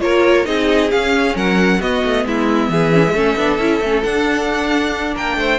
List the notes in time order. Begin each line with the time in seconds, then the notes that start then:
0.00 A#3 F4 A#4 C#5
0.45 C4 D#4 G#4 D#5
0.91 C#4 F5
1.35 F#3 A#4 F#5
1.79 B3 F#4 D#5
2.04 A3
2.26 G#3 E4 E5
2.69 E3 G#4
2.93 C#4
3.05 G#3
3.13 A3 C#4 A4
3.36 B3 D4
3.58 C#4 E4
3.81 A3 C#4
4.03 D4 F#5
5.14 A#3 A#4 G5
5.37 A3 C5